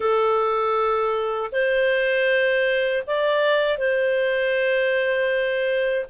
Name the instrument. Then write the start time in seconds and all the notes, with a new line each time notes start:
clarinet
0.00 A4
1.52 C5
3.06 D5
3.78 C5